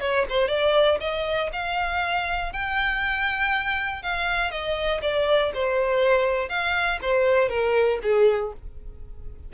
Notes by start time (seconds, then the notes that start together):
0.00 C#5
0.29 C5
0.48 D5
1.00 D#5
1.52 F5
2.52 G5
4.02 F5
4.51 D#5
5.02 D5
5.54 C5
6.49 F5
7.02 C5
7.49 A#4
8.03 G#4